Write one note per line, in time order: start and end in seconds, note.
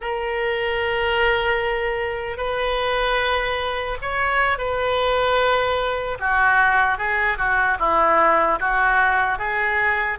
0.01 2.37 A#4
2.37 3.97 B4
4.01 4.58 C#5
4.58 6.18 B4
6.19 6.97 F#4
6.97 7.37 G#4
7.37 7.77 F#4
7.79 8.59 E4
8.59 9.38 F#4
9.38 10.18 G#4